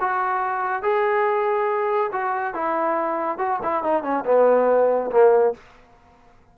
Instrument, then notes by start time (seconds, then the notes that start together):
trombone
0.00 F#4
0.82 G#4
2.12 F#4
2.54 E4
3.38 F#4
3.63 E4
3.83 D#4
4.03 C#4
4.25 B3
5.11 A#3